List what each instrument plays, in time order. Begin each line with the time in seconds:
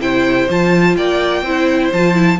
0.00 cello C3, viola E4, violin C5 G5
0.49 cello F3, viola F4, violin A5
0.96 cello A#3, violin D5 G5
1.42 cello C4, viola E4, violin C5
1.92 cello F3, viola F4, violin A5
2.14 viola E4